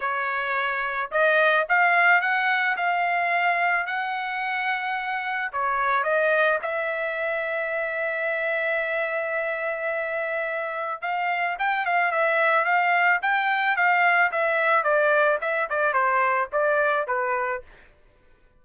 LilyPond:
\new Staff \with { instrumentName = "trumpet" } { \time 4/4 \tempo 4 = 109 cis''2 dis''4 f''4 | fis''4 f''2 fis''4~ | fis''2 cis''4 dis''4 | e''1~ |
e''1 | f''4 g''8 f''8 e''4 f''4 | g''4 f''4 e''4 d''4 | e''8 d''8 c''4 d''4 b'4 | }